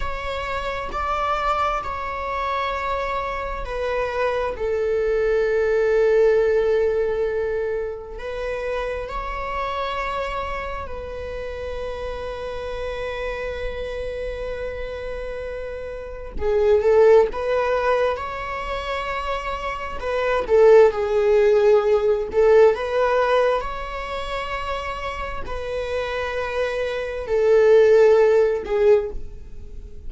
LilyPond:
\new Staff \with { instrumentName = "viola" } { \time 4/4 \tempo 4 = 66 cis''4 d''4 cis''2 | b'4 a'2.~ | a'4 b'4 cis''2 | b'1~ |
b'2 gis'8 a'8 b'4 | cis''2 b'8 a'8 gis'4~ | gis'8 a'8 b'4 cis''2 | b'2 a'4. gis'8 | }